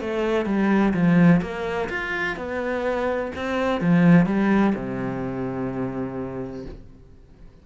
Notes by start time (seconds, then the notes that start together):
0.00 A3
0.45 G3
0.93 F3
1.41 A#3
1.89 F4
2.36 B3
3.35 C4
3.81 F3
4.26 G3
4.75 C3